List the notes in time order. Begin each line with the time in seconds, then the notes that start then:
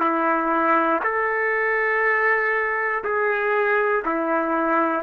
0.00 E4
1.04 A4
3.04 G#4
4.05 E4